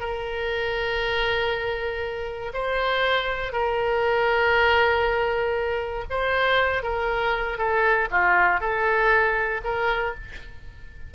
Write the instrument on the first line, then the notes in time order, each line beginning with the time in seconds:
oboe
0.00 A#4
2.53 C5
3.52 A#4
6.10 C5
6.83 A#4
7.58 A4
8.11 F4
8.60 A4
9.64 A#4